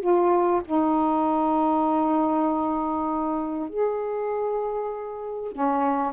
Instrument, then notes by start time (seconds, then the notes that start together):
saxophone
0.00 F4
0.64 D#4
3.69 G#4
5.52 C#4